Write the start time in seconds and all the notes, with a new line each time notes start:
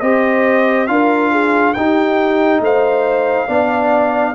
0.00 C4 G4 C5 D#5
0.87 D4 F4 A#4 F5
1.31 G#4
1.73 D#4 G4 G5
2.59 A3 C5 F5
3.47 B3 D4 D5